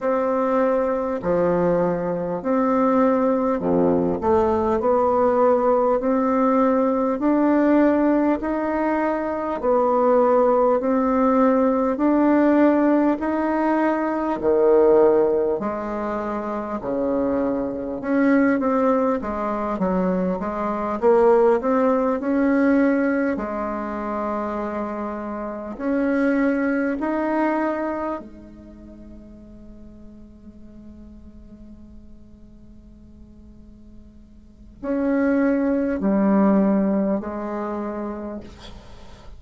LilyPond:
\new Staff \with { instrumentName = "bassoon" } { \time 4/4 \tempo 4 = 50 c'4 f4 c'4 f,8 a8 | b4 c'4 d'4 dis'4 | b4 c'4 d'4 dis'4 | dis4 gis4 cis4 cis'8 c'8 |
gis8 fis8 gis8 ais8 c'8 cis'4 gis8~ | gis4. cis'4 dis'4 gis8~ | gis1~ | gis4 cis'4 g4 gis4 | }